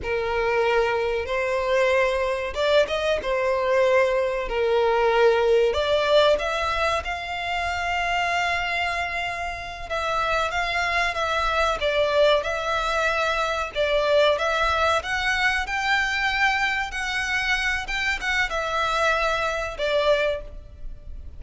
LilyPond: \new Staff \with { instrumentName = "violin" } { \time 4/4 \tempo 4 = 94 ais'2 c''2 | d''8 dis''8 c''2 ais'4~ | ais'4 d''4 e''4 f''4~ | f''2.~ f''8 e''8~ |
e''8 f''4 e''4 d''4 e''8~ | e''4. d''4 e''4 fis''8~ | fis''8 g''2 fis''4. | g''8 fis''8 e''2 d''4 | }